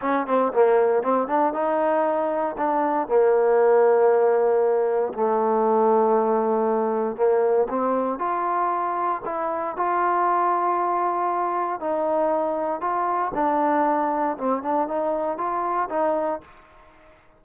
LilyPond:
\new Staff \with { instrumentName = "trombone" } { \time 4/4 \tempo 4 = 117 cis'8 c'8 ais4 c'8 d'8 dis'4~ | dis'4 d'4 ais2~ | ais2 a2~ | a2 ais4 c'4 |
f'2 e'4 f'4~ | f'2. dis'4~ | dis'4 f'4 d'2 | c'8 d'8 dis'4 f'4 dis'4 | }